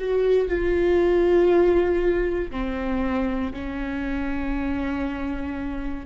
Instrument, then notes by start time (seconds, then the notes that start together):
viola
0.00 F#4
0.49 F4
2.51 C4
3.53 C#4